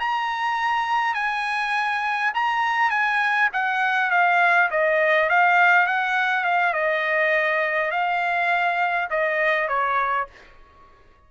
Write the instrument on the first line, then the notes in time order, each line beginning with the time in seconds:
trumpet
0.00 A#5
1.14 G#5
2.34 A#5
2.90 G#5
3.53 F#5
4.11 F5
4.71 D#5
5.29 F5
5.87 F#5
6.44 F5
6.74 D#5
7.91 F5
9.10 D#5
9.68 C#5